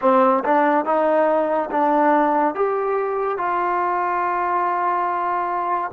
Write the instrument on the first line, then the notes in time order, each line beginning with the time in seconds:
trombone
0.01 C4
0.44 D4
0.85 D#4
1.71 D4
2.54 G4
3.37 F4